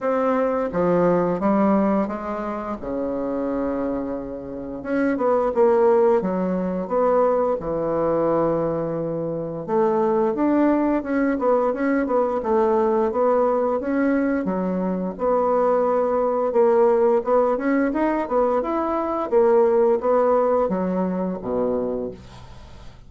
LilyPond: \new Staff \with { instrumentName = "bassoon" } { \time 4/4 \tempo 4 = 87 c'4 f4 g4 gis4 | cis2. cis'8 b8 | ais4 fis4 b4 e4~ | e2 a4 d'4 |
cis'8 b8 cis'8 b8 a4 b4 | cis'4 fis4 b2 | ais4 b8 cis'8 dis'8 b8 e'4 | ais4 b4 fis4 b,4 | }